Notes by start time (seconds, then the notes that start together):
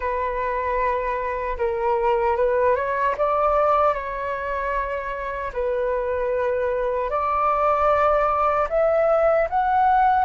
0.00 B4
1.57 A#4
2.36 B4
2.75 C#5
3.17 D5
3.94 C#5
5.53 B4
7.10 D5
8.69 E5
9.49 F#5